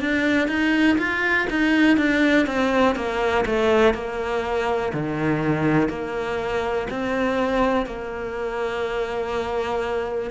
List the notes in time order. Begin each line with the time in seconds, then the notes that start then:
0.00 D4
0.48 D#4
0.98 F4
1.50 D#4
1.97 D4
2.46 C4
2.95 A#3
3.45 A3
3.93 A#3
4.93 D#3
5.89 A#3
6.90 C4
7.86 A#3